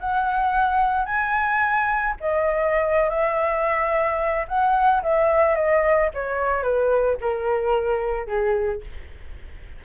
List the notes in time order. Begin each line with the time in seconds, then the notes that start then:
0.00 F#5
1.05 G#5
2.20 D#5
3.10 E5
4.48 F#5
5.03 E5
5.55 D#5
6.14 C#5
6.63 B4
7.21 A#4
8.27 G#4